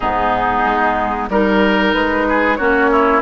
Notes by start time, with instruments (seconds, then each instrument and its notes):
0.00 bassoon G#2, clarinet B3, oboe D#4, flute G#4
0.65 bassoon G#3
1.29 bassoon G3, clarinet D#4, oboe A#4, flute A#4
1.93 bassoon G#3, flute B4
2.28 oboe G#4
2.56 bassoon A#3, clarinet C#4, oboe F#4, flute C#5
2.91 oboe E4